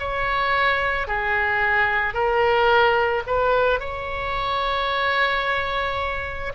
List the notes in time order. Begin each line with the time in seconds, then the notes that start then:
0.00 C#5
1.08 G#4
2.14 A#4
3.27 B4
3.80 C#5